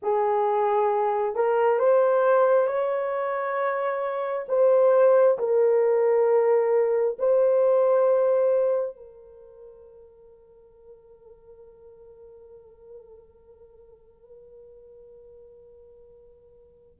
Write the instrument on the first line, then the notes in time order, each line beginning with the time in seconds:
horn
0.02 G#4
1.35 A#4
1.79 C5
2.67 C#5
4.48 C5
5.38 A#4
7.18 C5
8.96 A#4